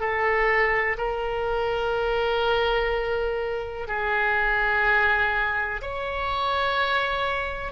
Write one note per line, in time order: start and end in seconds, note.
0.00 0.97 A4
0.97 3.87 A#4
3.87 5.81 G#4
5.81 7.72 C#5